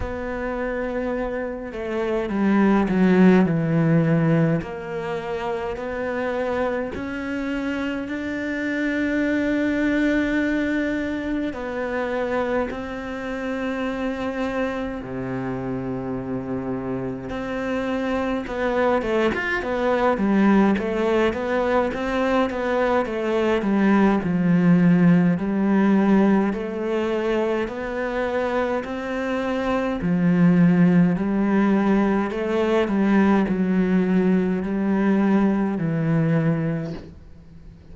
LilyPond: \new Staff \with { instrumentName = "cello" } { \time 4/4 \tempo 4 = 52 b4. a8 g8 fis8 e4 | ais4 b4 cis'4 d'4~ | d'2 b4 c'4~ | c'4 c2 c'4 |
b8 a16 f'16 b8 g8 a8 b8 c'8 b8 | a8 g8 f4 g4 a4 | b4 c'4 f4 g4 | a8 g8 fis4 g4 e4 | }